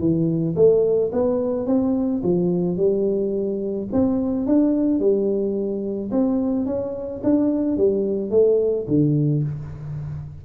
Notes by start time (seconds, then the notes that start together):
0.00 E3
0.56 A3
1.13 B3
1.67 C4
2.24 F3
2.78 G3
3.93 C4
4.47 D4
5.00 G3
6.12 C4
6.67 C#4
7.24 D4
7.78 G3
8.31 A3
8.88 D3